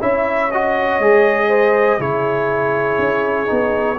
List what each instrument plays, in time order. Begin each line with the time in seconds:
0.00 tuba C#4, trombone E4, horn C#5, trumpet E5
0.51 trombone F#4, trumpet D#5
0.99 tuba G#3, trombone G#4
1.48 horn C5
1.99 tuba C#3, trombone E4, horn G#4, trumpet C#5
2.99 tuba C#4
3.46 tuba B3, trombone D#4